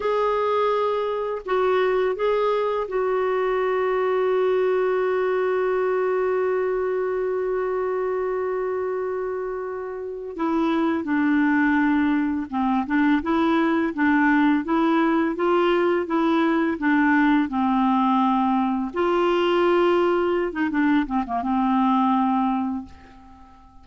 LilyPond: \new Staff \with { instrumentName = "clarinet" } { \time 4/4 \tempo 4 = 84 gis'2 fis'4 gis'4 | fis'1~ | fis'1~ | fis'2~ fis'8 e'4 d'8~ |
d'4. c'8 d'8 e'4 d'8~ | d'8 e'4 f'4 e'4 d'8~ | d'8 c'2 f'4.~ | f'8. dis'16 d'8 c'16 ais16 c'2 | }